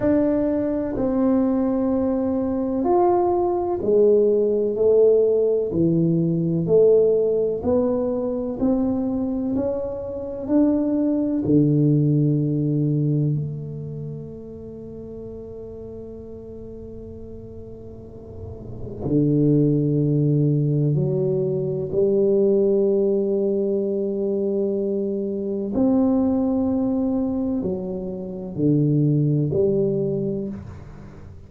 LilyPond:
\new Staff \with { instrumentName = "tuba" } { \time 4/4 \tempo 4 = 63 d'4 c'2 f'4 | gis4 a4 e4 a4 | b4 c'4 cis'4 d'4 | d2 a2~ |
a1 | d2 fis4 g4~ | g2. c'4~ | c'4 fis4 d4 g4 | }